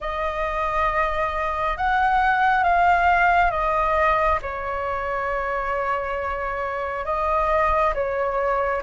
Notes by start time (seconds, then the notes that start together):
0.00 D#5
1.76 F#5
2.63 F5
3.51 D#5
4.42 C#5
7.05 D#5
7.94 C#5